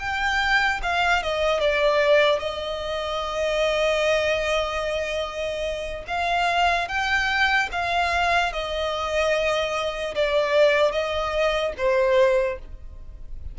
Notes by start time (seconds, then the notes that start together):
0.00 G5
0.83 F5
1.23 D#5
1.61 D5
2.40 D#5
6.08 F5
6.89 G5
7.72 F5
8.53 D#5
10.15 D5
10.92 D#5
11.78 C5